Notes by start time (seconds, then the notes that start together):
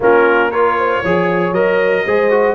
0.00 A#3 C#4 F4 A#4
0.50 F4 A#4 C#5
0.78 C5
1.02 F3 G#4 C#5
1.51 F#3 A#4 D#5
2.05 G#3 G#4 C5
2.30 F#4